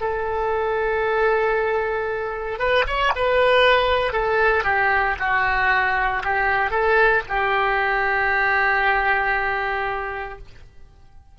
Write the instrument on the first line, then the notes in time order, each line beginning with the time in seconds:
oboe
0.00 A4
2.59 B4
2.86 C#5
3.15 B4
4.12 A4
4.64 G4
5.19 F#4
6.24 G4
6.70 A4
7.28 G4